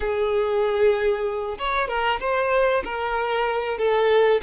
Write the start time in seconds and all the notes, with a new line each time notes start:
0.00 G#4
1.58 C#5
1.88 A#4
2.19 C5
2.84 A#4
3.78 A4